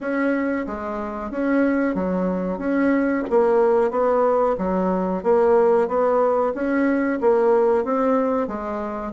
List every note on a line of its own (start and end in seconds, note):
0.00 0.66 C#4
0.66 1.30 G#3
1.30 1.94 C#4
1.94 2.58 F#3
2.58 3.23 C#4
3.30 3.90 A#3
3.90 4.56 B3
4.58 5.23 F#3
5.23 5.88 A#3
5.88 6.53 B3
6.54 7.19 C#4
7.20 7.84 A#3
7.84 8.47 C4
8.47 9.12 G#3